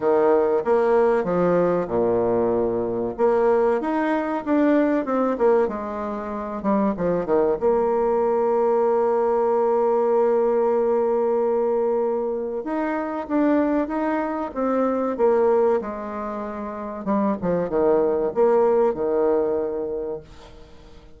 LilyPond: \new Staff \with { instrumentName = "bassoon" } { \time 4/4 \tempo 4 = 95 dis4 ais4 f4 ais,4~ | ais,4 ais4 dis'4 d'4 | c'8 ais8 gis4. g8 f8 dis8 | ais1~ |
ais1 | dis'4 d'4 dis'4 c'4 | ais4 gis2 g8 f8 | dis4 ais4 dis2 | }